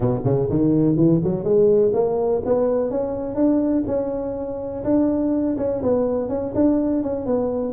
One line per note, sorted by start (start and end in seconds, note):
0.00 0.21 B2
0.24 0.48 C#3
0.49 0.96 D#3
0.96 1.20 E3
1.23 1.44 F#3
1.44 1.92 G#3
1.93 2.42 A#3
2.45 2.90 B3
2.90 3.35 C#4
3.35 3.83 D4
3.87 4.83 C#4
4.84 5.56 D4
5.57 5.82 C#4
5.82 6.29 B3
6.29 6.53 C#4
6.54 7.02 D4
7.02 7.26 C#4
7.26 7.73 B3